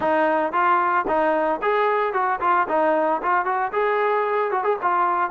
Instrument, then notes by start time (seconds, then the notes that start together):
trombone
0.00 D#4
0.52 F4
1.07 D#4
1.62 G#4
2.13 F#4
2.40 F4
2.68 D#4
3.22 F4
3.45 F#4
3.72 G#4
4.51 F#4
4.63 G#4
4.82 F4